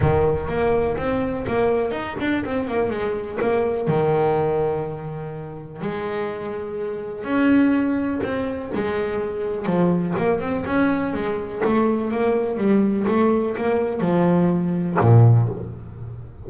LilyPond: \new Staff \with { instrumentName = "double bass" } { \time 4/4 \tempo 4 = 124 dis4 ais4 c'4 ais4 | dis'8 d'8 c'8 ais8 gis4 ais4 | dis1 | gis2. cis'4~ |
cis'4 c'4 gis2 | f4 ais8 c'8 cis'4 gis4 | a4 ais4 g4 a4 | ais4 f2 ais,4 | }